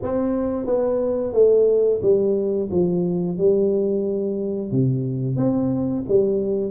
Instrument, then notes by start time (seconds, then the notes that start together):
tuba
0.02 C4
0.66 B3
1.33 A3
2.02 G3
2.71 F3
3.37 G3
4.71 C3
5.36 C4
6.08 G3